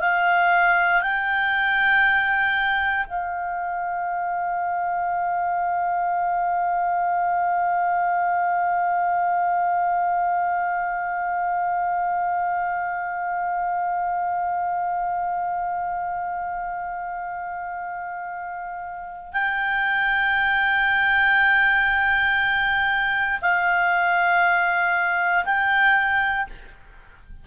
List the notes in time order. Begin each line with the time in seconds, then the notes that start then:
0.00 F5
1.02 G5
3.07 F5
19.33 G5
23.41 F5
25.45 G5